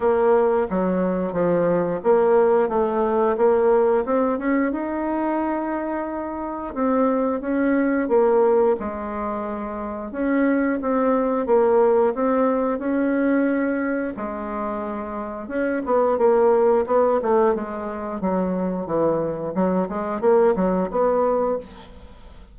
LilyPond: \new Staff \with { instrumentName = "bassoon" } { \time 4/4 \tempo 4 = 89 ais4 fis4 f4 ais4 | a4 ais4 c'8 cis'8 dis'4~ | dis'2 c'4 cis'4 | ais4 gis2 cis'4 |
c'4 ais4 c'4 cis'4~ | cis'4 gis2 cis'8 b8 | ais4 b8 a8 gis4 fis4 | e4 fis8 gis8 ais8 fis8 b4 | }